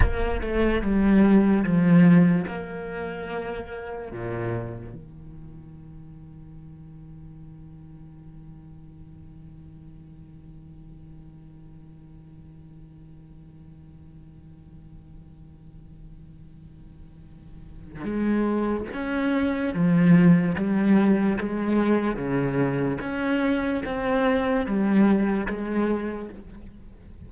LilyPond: \new Staff \with { instrumentName = "cello" } { \time 4/4 \tempo 4 = 73 ais8 a8 g4 f4 ais4~ | ais4 ais,4 dis2~ | dis1~ | dis1~ |
dis1~ | dis2 gis4 cis'4 | f4 g4 gis4 cis4 | cis'4 c'4 g4 gis4 | }